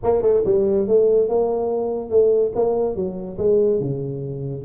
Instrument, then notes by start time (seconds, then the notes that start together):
tuba
0.03 A#3
0.22 A3
0.45 G3
0.87 A3
1.28 A#3
2.09 A3
2.55 A#3
2.95 F#3
3.37 G#3
3.79 C#3